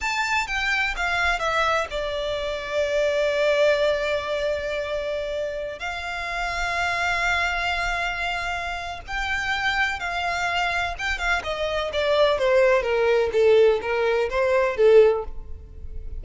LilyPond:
\new Staff \with { instrumentName = "violin" } { \time 4/4 \tempo 4 = 126 a''4 g''4 f''4 e''4 | d''1~ | d''1~ | d''16 f''2.~ f''8.~ |
f''2. g''4~ | g''4 f''2 g''8 f''8 | dis''4 d''4 c''4 ais'4 | a'4 ais'4 c''4 a'4 | }